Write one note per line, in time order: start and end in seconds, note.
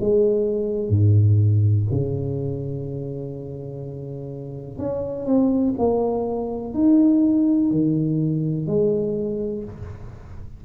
0.00 0.90 G#3
0.90 1.87 G#2
1.91 4.78 C#3
4.78 5.26 C#4
5.26 5.74 C4
5.78 6.74 A#3
6.74 7.71 D#4
7.71 8.67 D#3
8.67 9.64 G#3